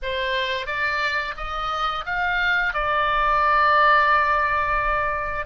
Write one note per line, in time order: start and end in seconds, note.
0.02 0.66 C5
0.66 1.34 D5
1.36 2.05 D#5
2.05 2.73 F5
2.73 5.45 D5